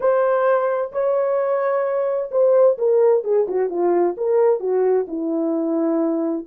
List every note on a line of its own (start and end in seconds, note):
0.00 0.91 C5
0.91 2.30 C#5
2.31 2.77 C5
2.78 3.23 A#4
3.23 3.47 G#4
3.48 3.69 F#4
3.69 4.15 F4
4.17 4.59 A#4
4.59 5.06 F#4
5.07 6.46 E4